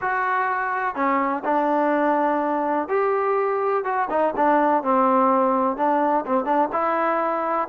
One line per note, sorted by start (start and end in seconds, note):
0.01 0.95 F#4
0.95 1.43 C#4
1.44 2.88 D4
2.88 3.84 G4
3.84 4.08 F#4
4.09 4.33 D#4
4.36 4.83 D4
4.83 5.76 C4
5.76 6.24 D4
6.26 6.45 C4
6.45 6.69 D4
6.72 7.68 E4